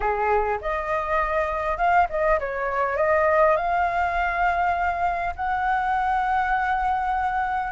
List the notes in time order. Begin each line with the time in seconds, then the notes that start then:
0.00 G#4
0.61 D#5
1.77 F5
2.09 D#5
2.39 C#5
2.96 D#5
3.56 F5
5.36 F#5